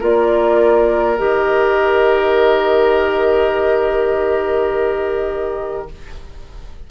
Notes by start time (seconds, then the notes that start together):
0.00 A#3 F4 A#4 D5
1.17 D#3 G4 D#5